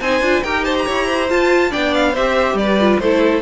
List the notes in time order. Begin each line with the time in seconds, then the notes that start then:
0.00 C4 D#4 C5 G#5
0.20 D4 F4
0.43 D#4 G4 A#4 G5
0.64 C5 A5
0.78 A#5
0.86 E4 C#5
1.06 C5
1.29 F4 A5
1.70 B3 D4 D5 G5
1.94 F5
2.11 C4 G4 C5 E5
2.54 G3 B4 D5
2.80 F4
2.99 A3 E4 A4 C5